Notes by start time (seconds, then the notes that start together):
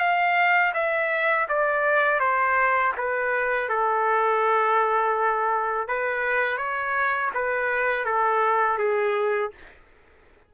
0.00 F5
0.74 E5
1.49 D5
2.20 C5
2.98 B4
3.70 A4
5.88 B4
6.58 C#5
7.35 B4
8.05 A4
8.78 G#4